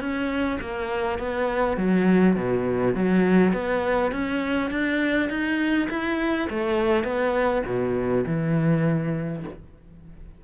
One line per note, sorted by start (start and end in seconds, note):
0.00 0.59 C#4
0.60 1.18 A#3
1.18 1.76 B3
1.76 2.35 F#3
2.36 2.94 B2
2.94 3.53 F#3
3.53 4.11 B3
4.11 4.70 C#4
4.70 5.29 D4
5.29 5.88 D#4
5.90 6.48 E4
6.49 7.03 A3
7.03 7.62 B3
7.66 8.24 B2
8.26 9.44 E3